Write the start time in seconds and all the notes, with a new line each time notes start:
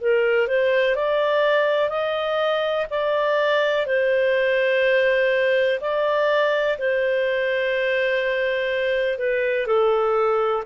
0.00 A#4
0.47 C5
0.95 D5
1.89 D#5
2.90 D5
3.86 C5
5.80 D5
6.78 C5
9.18 B4
9.66 A4